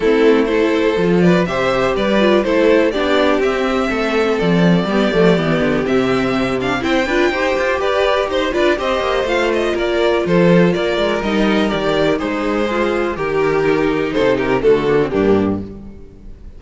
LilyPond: <<
  \new Staff \with { instrumentName = "violin" } { \time 4/4 \tempo 4 = 123 a'4 c''4. d''8 e''4 | d''4 c''4 d''4 e''4~ | e''4 d''2. | e''4. f''8 g''2 |
d''4 c''8 d''8 dis''4 f''8 dis''8 | d''4 c''4 d''4 dis''4 | d''4 c''2 ais'4~ | ais'4 c''8 ais'8 a'4 g'4 | }
  \new Staff \with { instrumentName = "violin" } { \time 4/4 e'4 a'4. b'8 c''4 | b'4 a'4 g'2 | a'2 g'2~ | g'2 c''8 b'8 c''4 |
b'4 c''8 b'8 c''2 | ais'4 a'4 ais'2~ | ais'4 dis'4 f'4 g'4~ | g'4 a'8 g'8 fis'4 d'4 | }
  \new Staff \with { instrumentName = "viola" } { \time 4/4 c'4 e'4 f'4 g'4~ | g'8 f'8 e'4 d'4 c'4~ | c'2 b8 a8 b4 | c'4. d'8 e'8 f'8 g'4~ |
g'4. f'8 g'4 f'4~ | f'2. dis'4 | g'4 gis'2 g'4 | dis'2 a8 ais16 c'16 ais4 | }
  \new Staff \with { instrumentName = "cello" } { \time 4/4 a2 f4 c4 | g4 a4 b4 c'4 | a4 f4 g8 f8 e8 d8 | c2 c'8 d'8 dis'8 f'8 |
g'4 dis'8 d'8 c'8 ais8 a4 | ais4 f4 ais8 gis8 g4 | dis4 gis2 dis4~ | dis4 c4 d4 g,4 | }
>>